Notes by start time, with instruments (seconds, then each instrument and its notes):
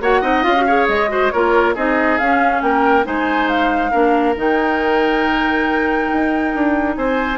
0.00 bassoon A#3, clarinet F#4, oboe C#5, flute F#5
0.21 bassoon C4, clarinet D#4, oboe D#5
0.43 bassoon C#4, clarinet F4, flute F5
0.56 clarinet F#4
0.66 clarinet G#4, oboe C#5
0.88 bassoon G#3, flute D#5
1.08 clarinet F#4, oboe C5
1.30 bassoon A#3, clarinet F4, oboe A#4, flute C#5
1.74 bassoon C4, clarinet D#4, oboe G#4, flute D#5
2.18 bassoon C#4, clarinet C#4, flute F5
2.61 bassoon A#3, oboe A#4, flute G5
3.03 bassoon G#3, clarinet D#4, oboe C5, flute G#5
3.48 flute F5
3.90 bassoon A#3, clarinet D4, oboe A#4
4.36 bassoon D#3, clarinet D#4, flute G5
6.12 bassoon D#4
6.54 bassoon D4
6.96 bassoon C4, oboe C5, flute G#5